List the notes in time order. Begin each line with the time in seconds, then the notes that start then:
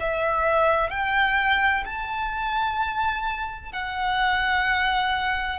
0.00 E5
0.90 G5
1.85 A5
3.72 F#5